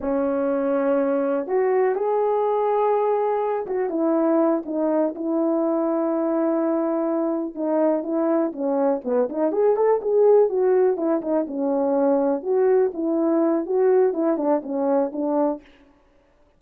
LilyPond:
\new Staff \with { instrumentName = "horn" } { \time 4/4 \tempo 4 = 123 cis'2. fis'4 | gis'2.~ gis'8 fis'8 | e'4. dis'4 e'4.~ | e'2.~ e'8 dis'8~ |
dis'8 e'4 cis'4 b8 dis'8 gis'8 | a'8 gis'4 fis'4 e'8 dis'8 cis'8~ | cis'4. fis'4 e'4. | fis'4 e'8 d'8 cis'4 d'4 | }